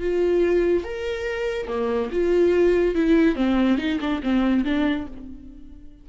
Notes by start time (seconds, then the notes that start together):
0.00 F4
0.84 A#4
1.67 A#3
2.11 F4
2.94 E4
3.35 C4
3.78 D#4
4.00 D4
4.23 C4
4.64 D4